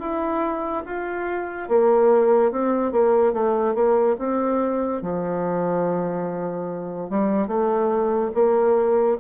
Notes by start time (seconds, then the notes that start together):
0.00 E4
0.86 F4
1.69 A#3
2.52 C4
2.92 A#3
3.33 A3
3.75 A#3
4.19 C4
5.02 F3
7.10 G3
7.48 A3
8.34 A#3